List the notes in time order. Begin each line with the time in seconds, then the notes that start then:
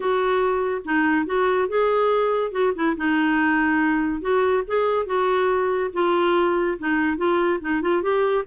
0.00 F#4
0.85 D#4
1.26 F#4
1.68 G#4
2.51 F#4
2.75 E4
2.97 D#4
4.21 F#4
4.67 G#4
5.06 F#4
5.93 F4
6.78 D#4
7.17 F4
7.60 D#4
7.81 F4
8.02 G4